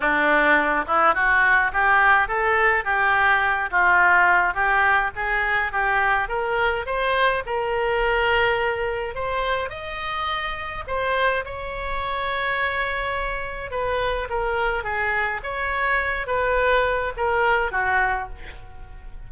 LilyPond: \new Staff \with { instrumentName = "oboe" } { \time 4/4 \tempo 4 = 105 d'4. e'8 fis'4 g'4 | a'4 g'4. f'4. | g'4 gis'4 g'4 ais'4 | c''4 ais'2. |
c''4 dis''2 c''4 | cis''1 | b'4 ais'4 gis'4 cis''4~ | cis''8 b'4. ais'4 fis'4 | }